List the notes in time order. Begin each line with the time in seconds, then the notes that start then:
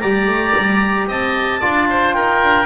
0.00 G3 G4 D5 A#5
0.27 A3
0.58 G3
1.08 C4 D#5 A5
1.60 D4 F4 D5
1.90 C5
2.13 D#4 A#4 G5
2.44 D4